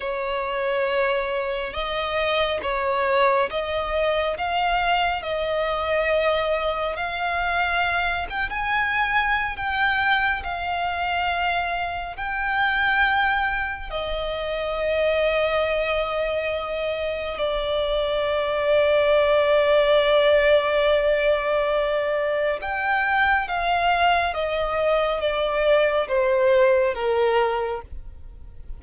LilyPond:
\new Staff \with { instrumentName = "violin" } { \time 4/4 \tempo 4 = 69 cis''2 dis''4 cis''4 | dis''4 f''4 dis''2 | f''4. g''16 gis''4~ gis''16 g''4 | f''2 g''2 |
dis''1 | d''1~ | d''2 g''4 f''4 | dis''4 d''4 c''4 ais'4 | }